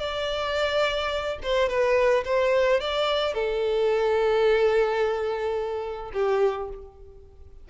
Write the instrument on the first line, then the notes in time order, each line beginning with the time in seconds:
violin
0.00 D5
1.43 C5
1.69 B4
2.25 C5
2.81 D5
3.34 A4
6.13 G4